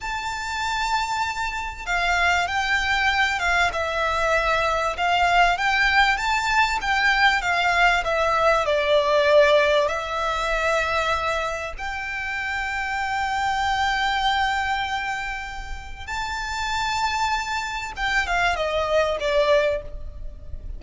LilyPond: \new Staff \with { instrumentName = "violin" } { \time 4/4 \tempo 4 = 97 a''2. f''4 | g''4. f''8 e''2 | f''4 g''4 a''4 g''4 | f''4 e''4 d''2 |
e''2. g''4~ | g''1~ | g''2 a''2~ | a''4 g''8 f''8 dis''4 d''4 | }